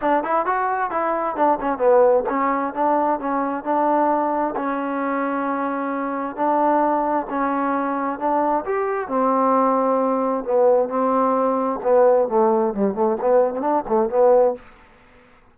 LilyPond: \new Staff \with { instrumentName = "trombone" } { \time 4/4 \tempo 4 = 132 d'8 e'8 fis'4 e'4 d'8 cis'8 | b4 cis'4 d'4 cis'4 | d'2 cis'2~ | cis'2 d'2 |
cis'2 d'4 g'4 | c'2. b4 | c'2 b4 a4 | g8 a8 b8. c'16 d'8 a8 b4 | }